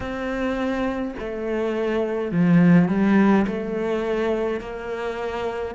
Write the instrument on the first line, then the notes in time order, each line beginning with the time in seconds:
cello
0.00 C4
1.19 A3
2.31 F3
2.88 G3
3.47 A3
4.60 A#3